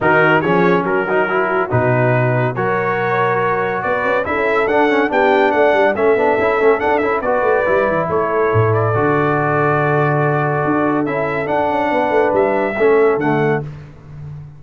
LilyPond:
<<
  \new Staff \with { instrumentName = "trumpet" } { \time 4/4 \tempo 4 = 141 ais'4 cis''4 ais'2 | b'2 cis''2~ | cis''4 d''4 e''4 fis''4 | g''4 fis''4 e''2 |
fis''8 e''8 d''2 cis''4~ | cis''8 d''2.~ d''8~ | d''2 e''4 fis''4~ | fis''4 e''2 fis''4 | }
  \new Staff \with { instrumentName = "horn" } { \time 4/4 fis'4 gis'4 fis'2~ | fis'2 ais'2~ | ais'4 b'4 a'2 | g'4 d''4 a'2~ |
a'4 b'2 a'4~ | a'1~ | a'1 | b'2 a'2 | }
  \new Staff \with { instrumentName = "trombone" } { \time 4/4 dis'4 cis'4. dis'8 e'4 | dis'2 fis'2~ | fis'2 e'4 d'8 cis'8 | d'2 cis'8 d'8 e'8 cis'8 |
d'8 e'8 fis'4 e'2~ | e'4 fis'2.~ | fis'2 e'4 d'4~ | d'2 cis'4 a4 | }
  \new Staff \with { instrumentName = "tuba" } { \time 4/4 dis4 f4 fis2 | b,2 fis2~ | fis4 b8 cis'8 d'16 cis'8. d'4 | b4 a8 g8 a8 b8 cis'8 a8 |
d'8 cis'8 b8 a8 g8 e8 a4 | a,4 d2.~ | d4 d'4 cis'4 d'8 cis'8 | b8 a8 g4 a4 d4 | }
>>